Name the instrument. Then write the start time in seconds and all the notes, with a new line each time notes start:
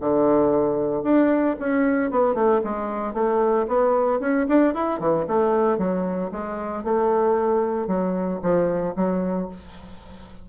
bassoon
0.00 D3
1.03 D4
1.59 C#4
2.10 B3
2.34 A3
2.64 G#3
3.13 A3
3.67 B3
4.20 C#4
4.48 D4
4.74 E4
4.99 E3
5.27 A3
5.78 F#3
6.31 G#3
6.84 A3
7.87 F#3
8.42 F3
8.96 F#3